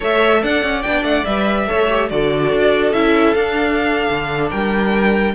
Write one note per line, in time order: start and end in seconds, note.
0.00 0.43 A3
0.00 0.84 A4
0.00 0.40 C#5
0.00 0.43 E5
0.41 0.63 D4
0.41 1.67 D5
0.41 0.82 F#5
0.63 0.84 C#4
0.82 1.03 B3
0.82 1.26 D4
0.82 1.03 G5
1.03 1.24 A3
1.03 1.24 F#5
1.24 1.68 G3
1.24 1.67 B4
1.24 2.08 E5
1.67 2.11 A3
1.67 1.88 A4
1.67 2.09 C#5
1.89 2.09 G4
2.09 2.52 D3
2.09 2.93 F#4
2.09 4.50 A4
2.09 2.93 D5
2.52 2.92 D4
2.92 3.34 C#4
2.92 3.35 E4
2.92 3.34 E5
3.34 4.08 D4
3.34 5.34 D4
3.34 4.49 F5
4.10 4.52 D3
4.50 5.34 G3
4.50 5.34 A#4
4.50 5.34 G5